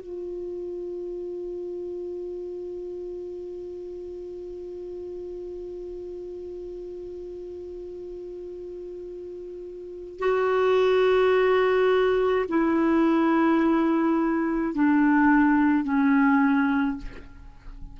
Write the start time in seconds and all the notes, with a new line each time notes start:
0.00 F4
10.19 F#4
12.48 E4
14.74 D4
15.84 C#4